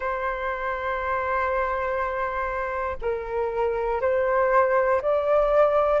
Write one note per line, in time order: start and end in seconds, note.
0.00 2.96 C5
3.01 4.00 A#4
4.00 5.00 C5
5.01 6.00 D5